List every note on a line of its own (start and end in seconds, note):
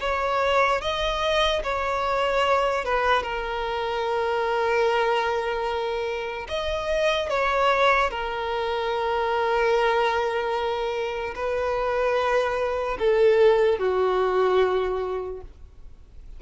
0.00 0.81 C#5
0.81 1.62 D#5
1.63 2.85 C#5
2.85 3.23 B4
3.23 6.47 A#4
6.49 7.30 D#5
7.30 8.10 C#5
8.10 11.34 A#4
11.35 12.97 B4
12.99 13.79 A4
13.79 15.41 F#4